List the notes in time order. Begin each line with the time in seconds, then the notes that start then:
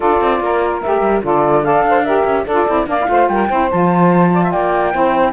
0.00 D4 F4 A4 D5
0.21 C4
0.40 A#3 A#4
0.81 A3 G4 E5
1.01 G3
1.22 D3 F4 A4 D5
1.63 A4 D5 F5
1.82 D4
1.89 C5
2.04 G4 A#4 E5
2.24 C#4
2.45 D4 A4 D5
2.51 F4
2.67 C4 E4
2.86 A#3 D4 D5 F5
3.00 E4
3.06 A3 F4 C5
3.28 G3 A#4 G5
3.48 C4 E4 C5
3.70 F3 F4 A5
4.33 D5
4.43 E5
4.51 A#3 D5 G5
4.92 C4 E4 C5